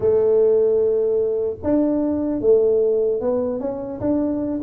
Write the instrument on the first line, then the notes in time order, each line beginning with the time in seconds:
tuba
0.00 A3
1.63 D4
2.40 A3
3.21 B3
3.60 C#4
4.00 D4